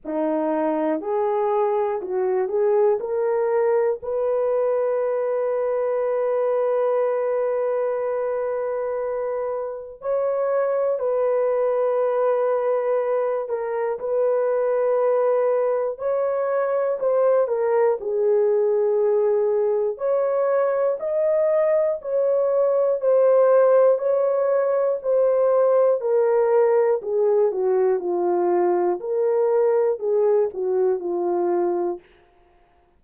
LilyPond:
\new Staff \with { instrumentName = "horn" } { \time 4/4 \tempo 4 = 60 dis'4 gis'4 fis'8 gis'8 ais'4 | b'1~ | b'2 cis''4 b'4~ | b'4. ais'8 b'2 |
cis''4 c''8 ais'8 gis'2 | cis''4 dis''4 cis''4 c''4 | cis''4 c''4 ais'4 gis'8 fis'8 | f'4 ais'4 gis'8 fis'8 f'4 | }